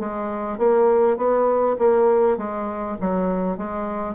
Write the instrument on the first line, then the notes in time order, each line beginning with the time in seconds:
bassoon
0.00 G#3
0.58 A#3
1.17 B3
1.79 A#3
2.38 G#3
3.01 F#3
3.58 G#3